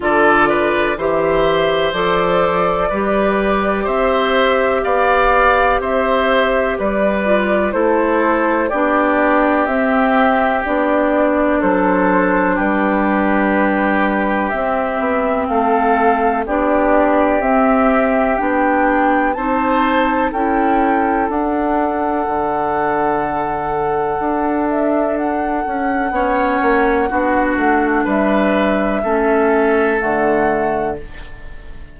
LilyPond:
<<
  \new Staff \with { instrumentName = "flute" } { \time 4/4 \tempo 4 = 62 d''4 e''4 d''2 | e''4 f''4 e''4 d''4 | c''4 d''4 e''4 d''4 | c''4 b'2 e''4 |
f''4 d''4 e''4 g''4 | a''4 g''4 fis''2~ | fis''4. e''8 fis''2~ | fis''4 e''2 fis''4 | }
  \new Staff \with { instrumentName = "oboe" } { \time 4/4 a'8 b'8 c''2 b'4 | c''4 d''4 c''4 b'4 | a'4 g'2. | a'4 g'2. |
a'4 g'2. | c''4 a'2.~ | a'2. cis''4 | fis'4 b'4 a'2 | }
  \new Staff \with { instrumentName = "clarinet" } { \time 4/4 f'4 g'4 a'4 g'4~ | g'2.~ g'8 f'8 | e'4 d'4 c'4 d'4~ | d'2. c'4~ |
c'4 d'4 c'4 d'4 | dis'4 e'4 d'2~ | d'2. cis'4 | d'2 cis'4 a4 | }
  \new Staff \with { instrumentName = "bassoon" } { \time 4/4 d4 e4 f4 g4 | c'4 b4 c'4 g4 | a4 b4 c'4 b4 | fis4 g2 c'8 b8 |
a4 b4 c'4 b4 | c'4 cis'4 d'4 d4~ | d4 d'4. cis'8 b8 ais8 | b8 a8 g4 a4 d4 | }
>>